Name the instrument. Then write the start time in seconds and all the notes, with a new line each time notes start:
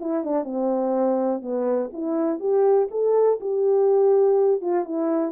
horn
0.00 E4
0.24 D4
0.44 C4
1.41 B3
1.93 E4
2.39 G4
2.91 A4
3.40 G4
4.61 F4
4.85 E4